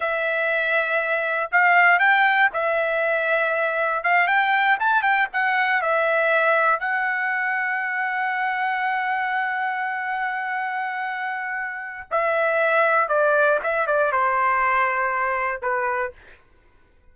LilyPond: \new Staff \with { instrumentName = "trumpet" } { \time 4/4 \tempo 4 = 119 e''2. f''4 | g''4 e''2. | f''8 g''4 a''8 g''8 fis''4 e''8~ | e''4. fis''2~ fis''8~ |
fis''1~ | fis''1 | e''2 d''4 e''8 d''8 | c''2. b'4 | }